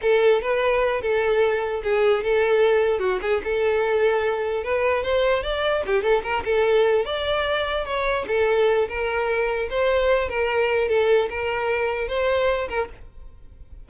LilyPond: \new Staff \with { instrumentName = "violin" } { \time 4/4 \tempo 4 = 149 a'4 b'4. a'4.~ | a'8 gis'4 a'2 fis'8 | gis'8 a'2. b'8~ | b'8 c''4 d''4 g'8 a'8 ais'8 |
a'4. d''2 cis''8~ | cis''8 a'4. ais'2 | c''4. ais'4. a'4 | ais'2 c''4. ais'8 | }